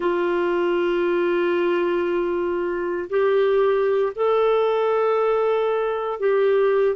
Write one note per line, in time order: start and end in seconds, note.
0.00 3.08 F4
3.09 4.12 G4
4.15 6.19 A4
6.19 6.95 G4